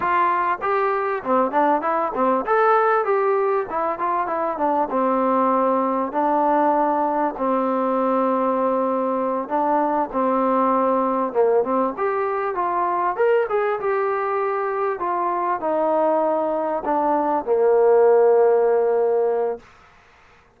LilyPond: \new Staff \with { instrumentName = "trombone" } { \time 4/4 \tempo 4 = 98 f'4 g'4 c'8 d'8 e'8 c'8 | a'4 g'4 e'8 f'8 e'8 d'8 | c'2 d'2 | c'2.~ c'8 d'8~ |
d'8 c'2 ais8 c'8 g'8~ | g'8 f'4 ais'8 gis'8 g'4.~ | g'8 f'4 dis'2 d'8~ | d'8 ais2.~ ais8 | }